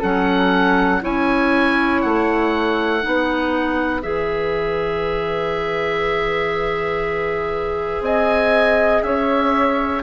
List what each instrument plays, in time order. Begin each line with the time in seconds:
0.00 bassoon F#3, clarinet C#4, flute A4, oboe F#5
1.01 bassoon C#4, clarinet E4, flute C#5, oboe G#5
2.02 bassoon A3, oboe F#5
3.01 bassoon B3, clarinet D#4, flute B4
4.02 bassoon E3, clarinet G#4, oboe E5
8.01 bassoon C4, flute D#5, oboe G#5
9.03 bassoon C#4, flute C#5, oboe E5